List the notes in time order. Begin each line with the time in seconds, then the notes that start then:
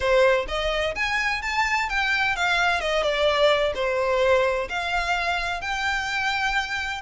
0.00 C5
0.48 D#5
0.95 G#5
1.42 A5
1.89 G5
2.35 F5
2.80 D#5
3.02 D5
3.74 C5
4.69 F5
5.61 G5